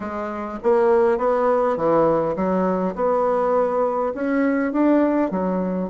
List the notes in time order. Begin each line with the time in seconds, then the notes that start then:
0.00 G#3
0.63 A#3
1.18 B3
1.76 E3
2.35 F#3
2.95 B3
4.14 C#4
4.72 D4
5.30 F#3